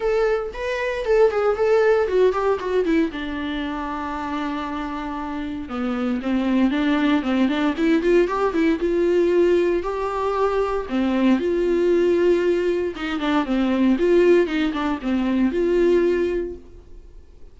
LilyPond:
\new Staff \with { instrumentName = "viola" } { \time 4/4 \tempo 4 = 116 a'4 b'4 a'8 gis'8 a'4 | fis'8 g'8 fis'8 e'8 d'2~ | d'2. b4 | c'4 d'4 c'8 d'8 e'8 f'8 |
g'8 e'8 f'2 g'4~ | g'4 c'4 f'2~ | f'4 dis'8 d'8 c'4 f'4 | dis'8 d'8 c'4 f'2 | }